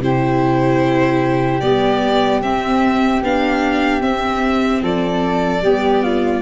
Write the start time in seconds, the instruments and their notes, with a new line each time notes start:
0.00 tuba C3, viola E4, flute G4, violin C5
1.61 tuba G3, viola B3, violin D5
2.42 tuba C4, viola C4, violin E5
3.23 tuba B3, viola D4, violin F5
4.01 tuba C4, viola C4, violin E5
4.82 tuba F3, flute A4, violin D5
5.62 tuba G3, viola B3, flute G4
6.03 flute F4